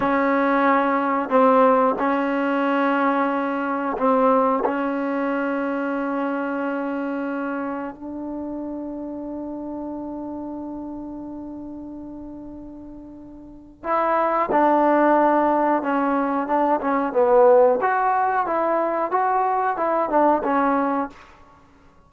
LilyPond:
\new Staff \with { instrumentName = "trombone" } { \time 4/4 \tempo 4 = 91 cis'2 c'4 cis'4~ | cis'2 c'4 cis'4~ | cis'1 | d'1~ |
d'1~ | d'4 e'4 d'2 | cis'4 d'8 cis'8 b4 fis'4 | e'4 fis'4 e'8 d'8 cis'4 | }